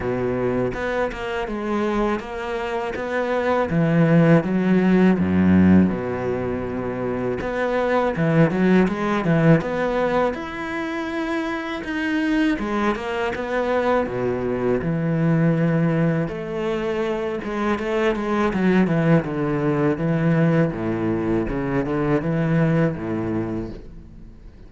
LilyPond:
\new Staff \with { instrumentName = "cello" } { \time 4/4 \tempo 4 = 81 b,4 b8 ais8 gis4 ais4 | b4 e4 fis4 fis,4 | b,2 b4 e8 fis8 | gis8 e8 b4 e'2 |
dis'4 gis8 ais8 b4 b,4 | e2 a4. gis8 | a8 gis8 fis8 e8 d4 e4 | a,4 cis8 d8 e4 a,4 | }